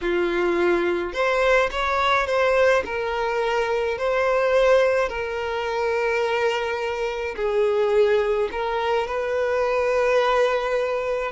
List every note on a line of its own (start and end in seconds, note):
0.01 1.13 F4
1.13 1.69 C5
1.71 2.26 C#5
2.26 2.83 C5
2.85 3.98 A#4
3.98 5.08 C5
5.08 7.35 A#4
7.36 8.49 G#4
8.51 9.07 A#4
9.07 11.31 B4